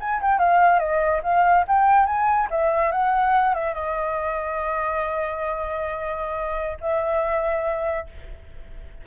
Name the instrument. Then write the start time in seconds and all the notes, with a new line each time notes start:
flute
0.00 G#5
0.22 G5
0.39 F5
0.79 D#5
1.23 F5
1.68 G5
2.06 G#5
2.50 E5
2.92 F#5
3.54 E5
3.74 D#5
6.81 E5